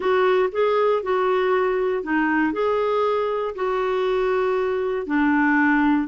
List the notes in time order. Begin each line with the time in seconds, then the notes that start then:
0.00 F#4
0.52 G#4
1.02 F#4
2.03 D#4
2.53 G#4
3.55 F#4
5.06 D4